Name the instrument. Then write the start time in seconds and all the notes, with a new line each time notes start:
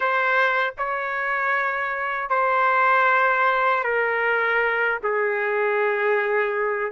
trumpet
0.00 C5
0.78 C#5
2.29 C5
3.83 A#4
5.03 G#4